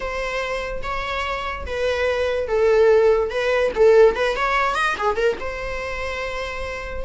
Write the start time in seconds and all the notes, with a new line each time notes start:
0.00 C5
0.83 C#5
1.66 B4
2.47 A4
3.30 B4
3.75 A4
4.15 B4
4.36 C#5
4.75 D#5
4.97 G#4
5.16 A#4
5.40 C5